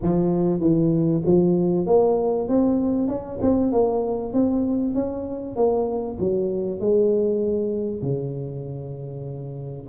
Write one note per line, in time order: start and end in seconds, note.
0.02 0.60 F3
0.60 1.22 E3
1.25 1.86 F3
1.86 2.48 A#3
2.48 3.08 C4
3.08 3.39 C#4
3.41 3.71 C4
3.71 4.33 A#3
4.33 4.94 C4
4.94 5.56 C#4
5.56 6.17 A#3
6.19 6.80 F#3
6.80 8.02 G#3
8.02 9.87 C#3